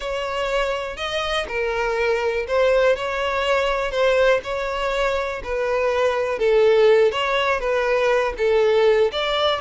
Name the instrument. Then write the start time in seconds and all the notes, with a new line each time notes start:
violin
0.00 C#5
0.96 D#5
1.48 A#4
2.47 C5
2.96 C#5
3.91 C5
4.43 C#5
5.43 B4
6.38 A4
7.11 C#5
7.60 B4
8.37 A4
9.11 D5